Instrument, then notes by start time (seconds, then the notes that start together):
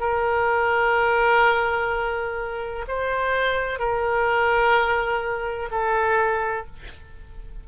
oboe
0.00 A#4
2.88 C5
3.79 A#4
5.71 A4